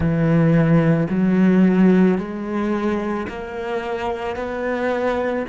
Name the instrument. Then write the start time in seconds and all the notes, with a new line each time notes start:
cello
0.00 E3
1.09 F#3
2.18 G#3
3.28 A#3
4.36 B3